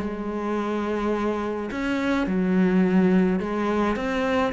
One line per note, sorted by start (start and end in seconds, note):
0.00 1.70 G#3
1.71 2.27 C#4
2.27 3.40 F#3
3.40 3.96 G#3
3.96 4.53 C4